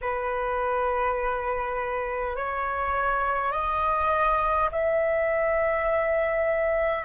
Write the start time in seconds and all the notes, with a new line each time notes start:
0.01 B4
2.36 C#5
3.51 D#5
4.71 E5